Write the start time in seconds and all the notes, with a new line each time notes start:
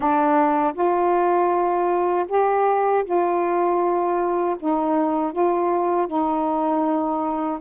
0.00 D4
0.74 F4
2.28 G4
3.04 F4
4.59 D#4
5.32 F4
6.07 D#4